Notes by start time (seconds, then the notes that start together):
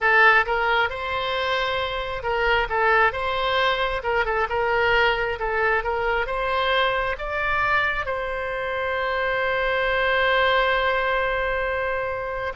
0.00 A4
0.46 A#4
0.89 C5
2.22 A#4
2.69 A4
3.12 C5
4.03 A#4
4.25 A4
4.49 A#4
5.39 A4
5.83 A#4
6.26 C5
7.18 D5
8.05 C5